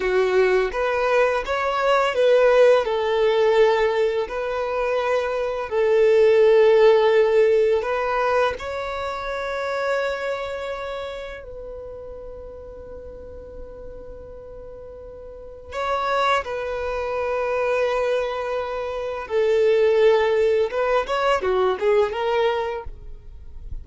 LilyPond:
\new Staff \with { instrumentName = "violin" } { \time 4/4 \tempo 4 = 84 fis'4 b'4 cis''4 b'4 | a'2 b'2 | a'2. b'4 | cis''1 |
b'1~ | b'2 cis''4 b'4~ | b'2. a'4~ | a'4 b'8 cis''8 fis'8 gis'8 ais'4 | }